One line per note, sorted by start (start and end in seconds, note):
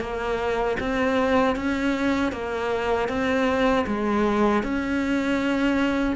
0.00 0.77 A#3
0.79 1.56 C4
1.56 2.32 C#4
2.32 3.08 A#3
3.08 3.85 C4
3.86 4.63 G#3
4.63 6.16 C#4